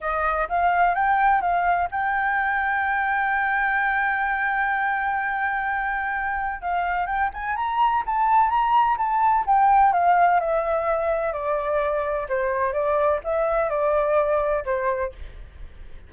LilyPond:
\new Staff \with { instrumentName = "flute" } { \time 4/4 \tempo 4 = 127 dis''4 f''4 g''4 f''4 | g''1~ | g''1~ | g''2 f''4 g''8 gis''8 |
ais''4 a''4 ais''4 a''4 | g''4 f''4 e''2 | d''2 c''4 d''4 | e''4 d''2 c''4 | }